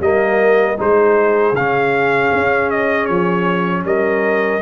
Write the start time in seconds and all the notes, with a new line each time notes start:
0.00 G3 A#3 A#4 D#5
0.78 G#3 D#4 G#4 C5
1.52 C#3 C#4 F5
2.33 C#4
2.71 D#5
3.06 F3 C#5
3.85 G3 A#4 D#5